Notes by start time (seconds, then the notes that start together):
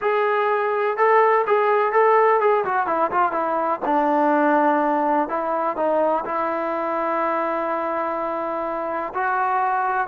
0.01 G#4
0.97 A4
1.46 G#4
1.92 A4
2.40 G#4
2.64 F#4
2.86 E4
3.11 F4
3.31 E4
3.85 D4
5.28 E4
5.76 D#4
6.25 E4
9.13 F#4